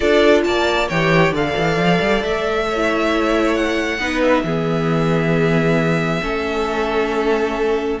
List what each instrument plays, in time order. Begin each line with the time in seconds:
0.00 cello D4, viola F4, violin A4 D5
0.43 cello A#3, violin D5 A5
0.89 cello E3, viola G4, violin C#5 G5
1.31 cello D3, viola A4, violin D5 F5
1.56 cello E3
1.76 cello F3
2.01 cello G3
2.23 cello A3, violin E5
2.69 violin C#5
2.76 viola E4
3.55 violin F#5
3.98 cello B3, viola D#4, violin B4
4.21 violin E5
4.43 cello E3, viola B3, violin G#4
6.22 cello A3, viola C#4, violin A4